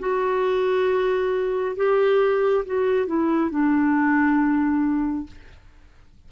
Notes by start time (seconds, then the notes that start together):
0.00 F#4
1.77 G4
2.66 F#4
3.07 E4
3.51 D4